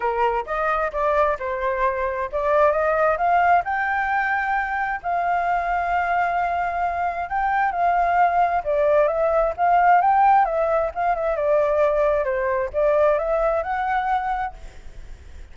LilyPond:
\new Staff \with { instrumentName = "flute" } { \time 4/4 \tempo 4 = 132 ais'4 dis''4 d''4 c''4~ | c''4 d''4 dis''4 f''4 | g''2. f''4~ | f''1 |
g''4 f''2 d''4 | e''4 f''4 g''4 e''4 | f''8 e''8 d''2 c''4 | d''4 e''4 fis''2 | }